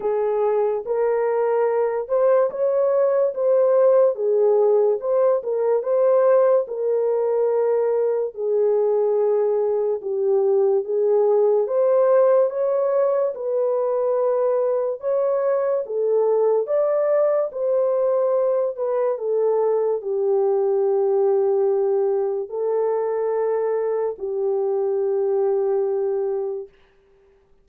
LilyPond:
\new Staff \with { instrumentName = "horn" } { \time 4/4 \tempo 4 = 72 gis'4 ais'4. c''8 cis''4 | c''4 gis'4 c''8 ais'8 c''4 | ais'2 gis'2 | g'4 gis'4 c''4 cis''4 |
b'2 cis''4 a'4 | d''4 c''4. b'8 a'4 | g'2. a'4~ | a'4 g'2. | }